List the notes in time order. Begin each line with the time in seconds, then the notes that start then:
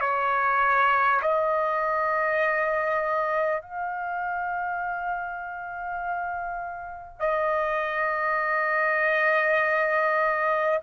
0.00 C#5
1.21 D#5
3.61 F5
7.19 D#5